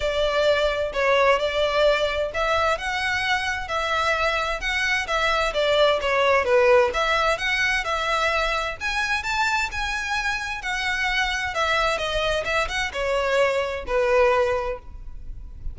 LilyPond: \new Staff \with { instrumentName = "violin" } { \time 4/4 \tempo 4 = 130 d''2 cis''4 d''4~ | d''4 e''4 fis''2 | e''2 fis''4 e''4 | d''4 cis''4 b'4 e''4 |
fis''4 e''2 gis''4 | a''4 gis''2 fis''4~ | fis''4 e''4 dis''4 e''8 fis''8 | cis''2 b'2 | }